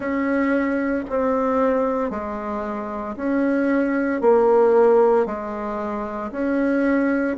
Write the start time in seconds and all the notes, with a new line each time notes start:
0.00 C#4
1.09 C4
2.10 G#3
3.16 C#4
4.21 A#3
5.26 G#3
6.32 C#4